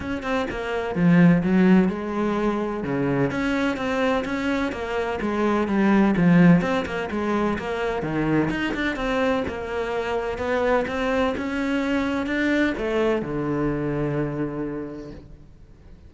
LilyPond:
\new Staff \with { instrumentName = "cello" } { \time 4/4 \tempo 4 = 127 cis'8 c'8 ais4 f4 fis4 | gis2 cis4 cis'4 | c'4 cis'4 ais4 gis4 | g4 f4 c'8 ais8 gis4 |
ais4 dis4 dis'8 d'8 c'4 | ais2 b4 c'4 | cis'2 d'4 a4 | d1 | }